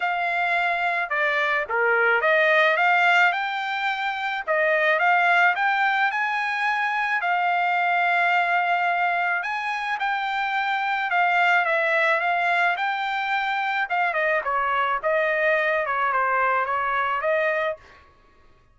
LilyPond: \new Staff \with { instrumentName = "trumpet" } { \time 4/4 \tempo 4 = 108 f''2 d''4 ais'4 | dis''4 f''4 g''2 | dis''4 f''4 g''4 gis''4~ | gis''4 f''2.~ |
f''4 gis''4 g''2 | f''4 e''4 f''4 g''4~ | g''4 f''8 dis''8 cis''4 dis''4~ | dis''8 cis''8 c''4 cis''4 dis''4 | }